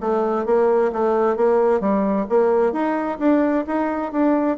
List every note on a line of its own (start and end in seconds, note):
0.00 0.45 A3
0.45 0.91 A#3
0.92 1.36 A3
1.36 1.80 A#3
1.80 2.26 G3
2.29 2.72 A#3
2.72 3.18 D#4
3.19 3.64 D4
3.67 4.12 D#4
4.12 4.57 D4